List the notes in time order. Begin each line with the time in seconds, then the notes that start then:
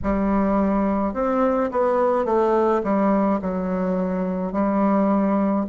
0.03 G3
1.13 C4
1.71 B3
2.25 A3
2.83 G3
3.41 F#3
4.52 G3